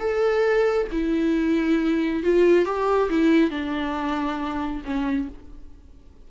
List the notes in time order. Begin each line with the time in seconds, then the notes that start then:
0.00 A4
0.92 E4
2.24 F4
2.66 G4
3.10 E4
3.51 D4
4.85 C#4